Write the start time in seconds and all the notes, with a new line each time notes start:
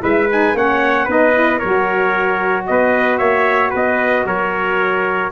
0.00 G#3 E4 B4 E5
0.31 D#4 G#5
0.54 A#3 C#4 C#5 F#5
1.05 B3 D#4 B4
1.11 D#5
1.34 E4
1.59 F#3 F#4 A#4 C#5
2.67 B3 B4 D#5
3.18 A#3 C#5 E5
3.71 B3 B4 D#5
4.25 F#3 A#4 C#5